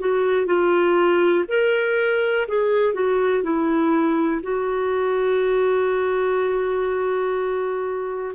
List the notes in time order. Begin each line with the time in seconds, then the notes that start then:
0.00 F#4
0.47 F4
1.49 A#4
2.49 G#4
2.94 F#4
3.44 E4
4.43 F#4